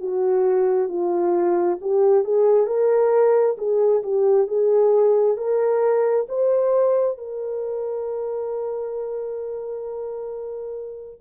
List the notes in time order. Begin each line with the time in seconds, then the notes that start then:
0.00 F#4
0.88 F4
1.81 G4
2.24 G#4
2.66 A#4
3.58 G#4
4.03 G4
4.47 G#4
5.37 A#4
6.28 C5
7.18 A#4